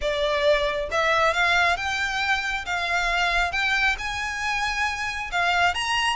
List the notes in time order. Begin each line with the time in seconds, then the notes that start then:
0.01 D5
0.91 E5
1.33 F5
1.76 G5
2.65 F5
3.52 G5
3.98 G#5
5.31 F5
5.74 A#5